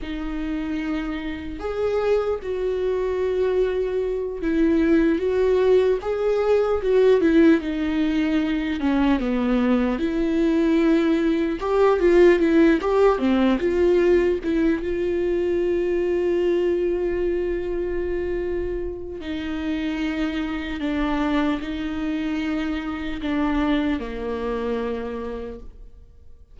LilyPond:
\new Staff \with { instrumentName = "viola" } { \time 4/4 \tempo 4 = 75 dis'2 gis'4 fis'4~ | fis'4. e'4 fis'4 gis'8~ | gis'8 fis'8 e'8 dis'4. cis'8 b8~ | b8 e'2 g'8 f'8 e'8 |
g'8 c'8 f'4 e'8 f'4.~ | f'1 | dis'2 d'4 dis'4~ | dis'4 d'4 ais2 | }